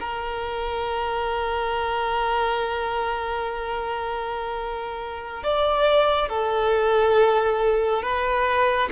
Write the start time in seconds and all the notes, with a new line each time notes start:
0.00 A#4
5.43 D5
6.29 A4
8.02 B4